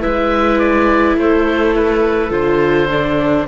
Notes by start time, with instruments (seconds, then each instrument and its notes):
0.00 cello G#3, viola E4, clarinet B4, oboe E5
0.59 oboe D5
1.16 cello A3, clarinet A4, oboe C5
1.75 oboe B4
2.30 cello D3, viola F4, oboe C5
2.91 viola D4